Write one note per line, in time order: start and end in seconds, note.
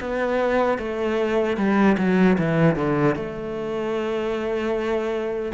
0.00 0.78 B3
0.78 1.57 A3
1.57 1.96 G3
1.98 2.37 F#3
2.38 2.76 E3
2.76 3.15 D3
3.15 5.52 A3